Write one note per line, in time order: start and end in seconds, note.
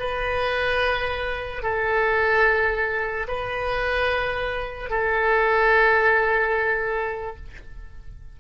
0.00 1.63 B4
1.63 3.27 A4
3.28 4.90 B4
4.90 7.37 A4